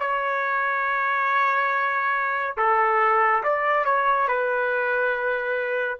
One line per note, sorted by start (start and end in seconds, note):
0.00 2.57 C#5
2.58 3.43 A4
3.44 3.85 D5
3.85 4.28 C#5
4.28 6.00 B4